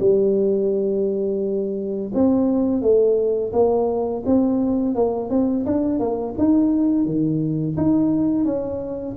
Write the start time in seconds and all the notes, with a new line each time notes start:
0.00 G3
2.14 C4
2.82 A3
3.53 A#3
4.26 C4
4.95 A#3
5.30 C4
5.66 D4
5.99 A#3
6.38 D#4
7.06 D#3
7.77 D#4
8.45 C#4